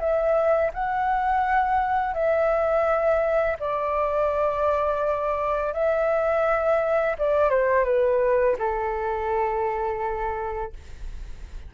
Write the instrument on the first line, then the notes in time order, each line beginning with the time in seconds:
flute
0.00 E5
0.74 F#5
2.14 E5
3.60 D5
5.74 E5
7.19 D5
7.50 C5
7.85 B4
8.59 A4